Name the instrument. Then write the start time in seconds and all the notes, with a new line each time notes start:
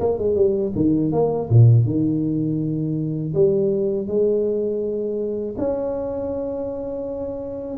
tuba
0.00 A#3
0.19 G#3
0.35 G3
0.75 D#3
1.12 A#3
1.50 A#2
1.85 D#3
3.34 G3
4.07 G#3
5.58 C#4